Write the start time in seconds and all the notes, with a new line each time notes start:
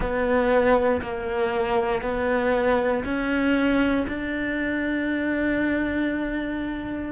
0.00 B3
1.01 A#3
2.02 B3
3.04 C#4
4.07 D4